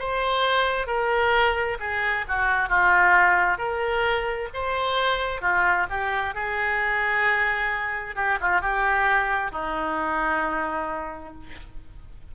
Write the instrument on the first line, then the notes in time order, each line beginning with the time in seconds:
oboe
0.00 C5
0.87 A#4
1.80 G#4
2.29 F#4
2.69 F4
3.58 A#4
4.54 C5
5.42 F4
5.90 G4
6.35 G#4
8.16 G4
8.41 F4
8.62 G4
9.52 D#4